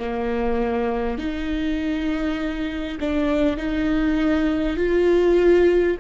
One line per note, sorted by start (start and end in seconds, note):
0.00 1.19 A#3
1.19 2.99 D#4
3.01 3.57 D4
3.57 4.77 D#4
4.77 5.97 F4